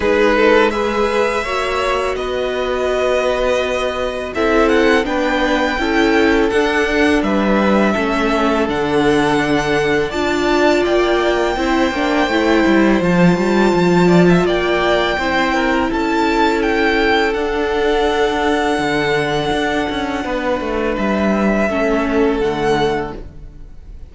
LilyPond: <<
  \new Staff \with { instrumentName = "violin" } { \time 4/4 \tempo 4 = 83 b'4 e''2 dis''4~ | dis''2 e''8 fis''8 g''4~ | g''4 fis''4 e''2 | fis''2 a''4 g''4~ |
g''2 a''2 | g''2 a''4 g''4 | fis''1~ | fis''4 e''2 fis''4 | }
  \new Staff \with { instrumentName = "violin" } { \time 4/4 gis'8 a'8 b'4 cis''4 b'4~ | b'2 a'4 b'4 | a'2 b'4 a'4~ | a'2 d''2 |
c''2.~ c''8 d''16 e''16 | d''4 c''8 ais'8 a'2~ | a'1 | b'2 a'2 | }
  \new Staff \with { instrumentName = "viola" } { \time 4/4 dis'4 gis'4 fis'2~ | fis'2 e'4 d'4 | e'4 d'2 cis'4 | d'2 f'2 |
e'8 d'8 e'4 f'2~ | f'4 e'2. | d'1~ | d'2 cis'4 a4 | }
  \new Staff \with { instrumentName = "cello" } { \time 4/4 gis2 ais4 b4~ | b2 c'4 b4 | cis'4 d'4 g4 a4 | d2 d'4 ais4 |
c'8 ais8 a8 g8 f8 g8 f4 | ais4 c'4 cis'2 | d'2 d4 d'8 cis'8 | b8 a8 g4 a4 d4 | }
>>